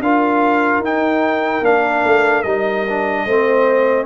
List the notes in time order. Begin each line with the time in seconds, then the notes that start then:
0.00 D4 F4 A#4 F5
0.79 D#4 G5
1.62 A#3 D4 F5
2.04 A3
2.42 G3 D#4 D#5
2.89 D4
3.26 A3 C4 C5